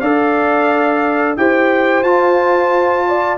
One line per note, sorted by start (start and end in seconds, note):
0.00 1.36 D4
0.00 1.38 A4
0.00 1.36 D5
0.00 1.35 F5
1.37 2.03 E4
1.37 2.04 G4
1.37 3.08 C5
1.37 2.04 G5
2.03 3.37 F4
2.03 3.38 F4
2.03 3.38 A5
3.08 3.38 D5